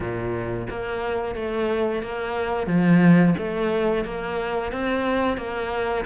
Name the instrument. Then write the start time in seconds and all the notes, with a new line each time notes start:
cello
0.00 A#2
0.70 A#3
1.35 A3
2.02 A#3
2.67 F3
3.37 A3
4.04 A#3
4.72 C4
5.37 A#3